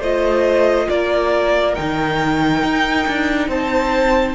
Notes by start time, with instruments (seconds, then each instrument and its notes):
0.00 cello A3, viola F4, violin C5 D#5
0.89 cello A#3, violin A#4 D5
1.75 cello D#3, viola D#4, violin G5
2.63 cello D#4
3.08 cello D4
3.48 cello C4, violin C5 A5